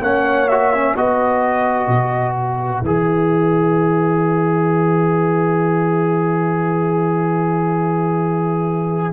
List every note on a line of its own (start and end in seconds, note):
0.00 0.94 A#3
0.00 0.47 C#4
0.00 0.93 C#5
0.00 0.48 F#5
0.48 0.73 F#4
0.48 0.95 E5
0.73 0.96 C#4
0.93 1.87 B3
0.93 2.84 F#4
0.93 9.13 B4
0.93 2.36 D#5
1.87 2.81 B2
2.36 9.13 E5
2.81 9.13 E3
2.81 9.13 G#4